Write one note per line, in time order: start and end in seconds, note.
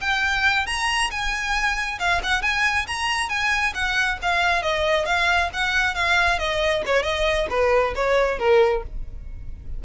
0.00 0.66 G5
0.66 1.10 A#5
1.10 1.99 G#5
1.99 2.21 F5
2.23 2.42 F#5
2.42 2.86 G#5
2.87 3.29 A#5
3.29 3.73 G#5
3.74 4.18 F#5
4.22 4.62 F5
4.62 5.05 D#5
5.05 5.49 F5
5.53 5.95 F#5
5.95 6.38 F5
6.38 6.82 D#5
6.86 7.02 C#5
7.02 7.47 D#5
7.49 7.94 B4
7.95 8.38 C#5
8.38 8.83 A#4